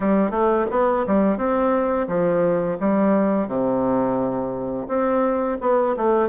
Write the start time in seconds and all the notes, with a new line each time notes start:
0.00 G3
0.30 A3
0.70 B3
1.07 G3
1.37 C4
2.07 F3
2.80 G3
3.47 C3
4.87 C4
5.60 B3
5.96 A3